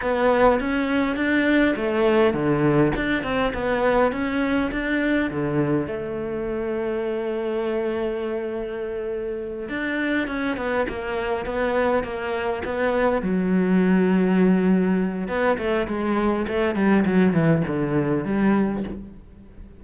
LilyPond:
\new Staff \with { instrumentName = "cello" } { \time 4/4 \tempo 4 = 102 b4 cis'4 d'4 a4 | d4 d'8 c'8 b4 cis'4 | d'4 d4 a2~ | a1~ |
a8 d'4 cis'8 b8 ais4 b8~ | b8 ais4 b4 fis4.~ | fis2 b8 a8 gis4 | a8 g8 fis8 e8 d4 g4 | }